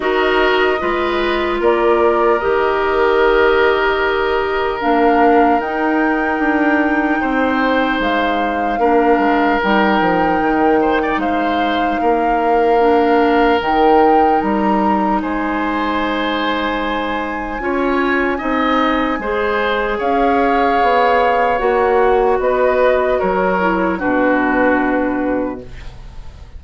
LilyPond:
<<
  \new Staff \with { instrumentName = "flute" } { \time 4/4 \tempo 4 = 75 dis''2 d''4 dis''4~ | dis''2 f''4 g''4~ | g''2 f''2 | g''2 f''2~ |
f''4 g''4 ais''4 gis''4~ | gis''1~ | gis''4 f''2 fis''4 | dis''4 cis''4 b'2 | }
  \new Staff \with { instrumentName = "oboe" } { \time 4/4 ais'4 b'4 ais'2~ | ais'1~ | ais'4 c''2 ais'4~ | ais'4. c''16 d''16 c''4 ais'4~ |
ais'2. c''4~ | c''2 cis''4 dis''4 | c''4 cis''2. | b'4 ais'4 fis'2 | }
  \new Staff \with { instrumentName = "clarinet" } { \time 4/4 fis'4 f'2 g'4~ | g'2 d'4 dis'4~ | dis'2. d'4 | dis'1 |
d'4 dis'2.~ | dis'2 f'4 dis'4 | gis'2. fis'4~ | fis'4. e'8 d'2 | }
  \new Staff \with { instrumentName = "bassoon" } { \time 4/4 dis'4 gis4 ais4 dis4~ | dis2 ais4 dis'4 | d'4 c'4 gis4 ais8 gis8 | g8 f8 dis4 gis4 ais4~ |
ais4 dis4 g4 gis4~ | gis2 cis'4 c'4 | gis4 cis'4 b4 ais4 | b4 fis4 b,2 | }
>>